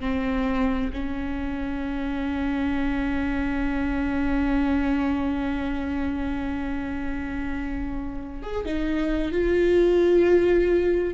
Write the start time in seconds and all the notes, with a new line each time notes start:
0.00 C4
0.93 C#4
8.43 G#4
8.65 D#4
9.32 F4